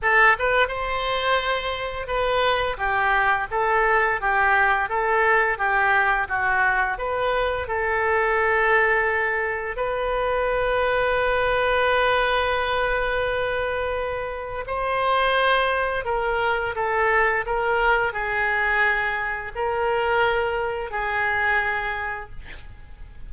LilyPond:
\new Staff \with { instrumentName = "oboe" } { \time 4/4 \tempo 4 = 86 a'8 b'8 c''2 b'4 | g'4 a'4 g'4 a'4 | g'4 fis'4 b'4 a'4~ | a'2 b'2~ |
b'1~ | b'4 c''2 ais'4 | a'4 ais'4 gis'2 | ais'2 gis'2 | }